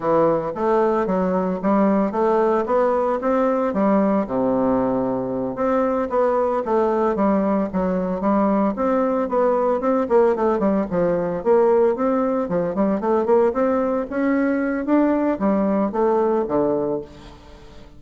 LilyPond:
\new Staff \with { instrumentName = "bassoon" } { \time 4/4 \tempo 4 = 113 e4 a4 fis4 g4 | a4 b4 c'4 g4 | c2~ c8 c'4 b8~ | b8 a4 g4 fis4 g8~ |
g8 c'4 b4 c'8 ais8 a8 | g8 f4 ais4 c'4 f8 | g8 a8 ais8 c'4 cis'4. | d'4 g4 a4 d4 | }